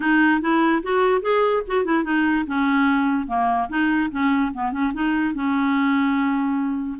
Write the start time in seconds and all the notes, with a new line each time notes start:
0.00 D#4
0.41 E4
0.82 F#4
1.21 G#4
1.67 F#4
1.84 E4
2.04 D#4
2.47 C#4
3.27 A#3
3.69 D#4
4.11 C#4
4.53 B3
4.71 C#4
4.93 D#4
5.34 C#4